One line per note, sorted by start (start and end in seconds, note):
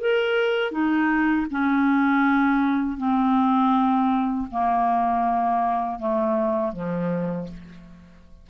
0.00 0.72 A#4
0.72 1.47 D#4
1.51 2.98 C#4
2.98 4.48 C4
4.51 5.99 A#3
5.99 6.73 A3
6.73 7.48 F3